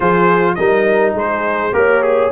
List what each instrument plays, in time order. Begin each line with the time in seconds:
0.00 tuba F3, trombone F4, horn G#4, trumpet C5
0.54 tuba G3, trombone D#4, horn A#4, trumpet D#5
1.14 tuba G#3, horn G#4, trumpet C5
1.72 tuba A#3, trombone G4, trumpet A#4, horn C#5
2.02 trumpet G#4